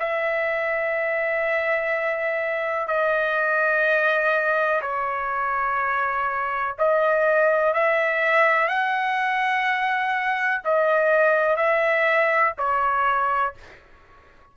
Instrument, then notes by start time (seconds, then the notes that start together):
trumpet
0.00 E5
2.88 D#5
4.82 C#5
6.79 D#5
7.74 E5
8.68 F#5
10.65 D#5
11.57 E5
12.58 C#5